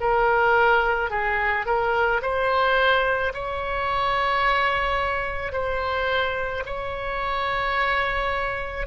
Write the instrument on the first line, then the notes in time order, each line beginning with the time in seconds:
oboe
0.00 A#4
1.10 G#4
1.65 A#4
2.21 C5
3.34 C#5
5.52 C5
6.66 C#5